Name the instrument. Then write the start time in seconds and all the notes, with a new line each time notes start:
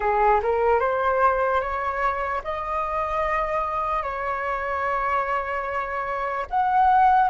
flute
0.00 G#4
0.42 A#4
0.79 C5
1.60 C#5
2.44 D#5
4.02 C#5
6.49 F#5